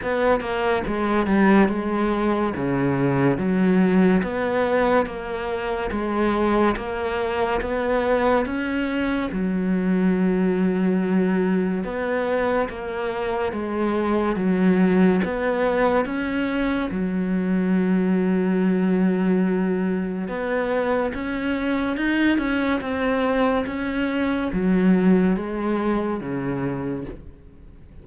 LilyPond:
\new Staff \with { instrumentName = "cello" } { \time 4/4 \tempo 4 = 71 b8 ais8 gis8 g8 gis4 cis4 | fis4 b4 ais4 gis4 | ais4 b4 cis'4 fis4~ | fis2 b4 ais4 |
gis4 fis4 b4 cis'4 | fis1 | b4 cis'4 dis'8 cis'8 c'4 | cis'4 fis4 gis4 cis4 | }